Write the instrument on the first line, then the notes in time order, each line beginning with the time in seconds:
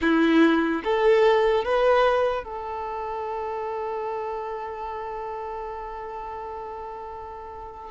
violin
0.01 E4
0.83 A4
1.64 B4
2.43 A4